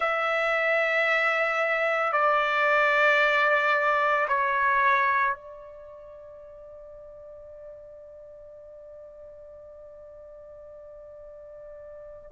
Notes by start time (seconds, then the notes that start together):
0.00 E5
2.12 D5
4.28 C#5
5.34 D5